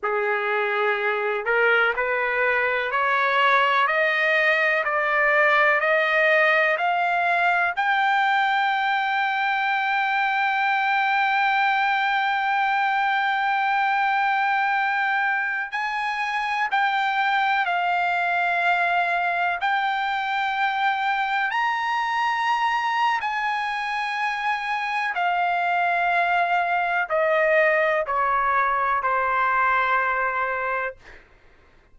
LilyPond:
\new Staff \with { instrumentName = "trumpet" } { \time 4/4 \tempo 4 = 62 gis'4. ais'8 b'4 cis''4 | dis''4 d''4 dis''4 f''4 | g''1~ | g''1~ |
g''16 gis''4 g''4 f''4.~ f''16~ | f''16 g''2 ais''4.~ ais''16 | gis''2 f''2 | dis''4 cis''4 c''2 | }